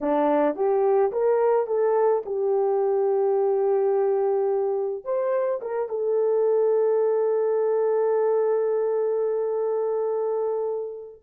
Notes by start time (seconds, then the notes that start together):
0.01 D4
0.55 G4
1.12 A#4
1.67 A4
2.25 G4
5.04 C5
5.61 A#4
5.88 A4